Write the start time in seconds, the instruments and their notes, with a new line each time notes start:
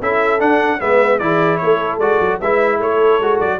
0.00 tuba C#4, trombone E4, horn A4, trumpet E5
0.39 trombone D4, tuba D4, trumpet F#5
0.80 tuba G#3, trombone B3, horn B4, trumpet E5
1.19 tuba E3, trombone E4, horn G#4, trumpet D5
1.57 tuba A3, horn A4, trumpet C#5
1.98 tuba G#3, trombone F#4, trumpet D5
2.20 tuba F#3
2.40 tuba G#3, trombone E4, horn B4, trumpet E5
2.77 tuba A3, horn A4, trumpet C#5
3.19 tuba G#3, trombone F#4
3.40 tuba F#3, trumpet D5